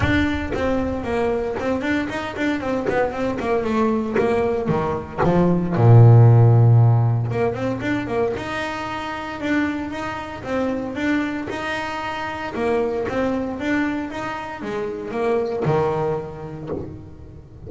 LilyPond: \new Staff \with { instrumentName = "double bass" } { \time 4/4 \tempo 4 = 115 d'4 c'4 ais4 c'8 d'8 | dis'8 d'8 c'8 b8 c'8 ais8 a4 | ais4 dis4 f4 ais,4~ | ais,2 ais8 c'8 d'8 ais8 |
dis'2 d'4 dis'4 | c'4 d'4 dis'2 | ais4 c'4 d'4 dis'4 | gis4 ais4 dis2 | }